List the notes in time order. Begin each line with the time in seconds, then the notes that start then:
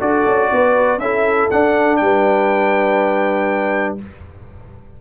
0.00 D4 F#4 A4 D5
0.26 C#4
0.52 B3 B4
0.98 C#4 E4 A4 E5
1.50 D4 F#5
1.96 G3 G5
2.03 B4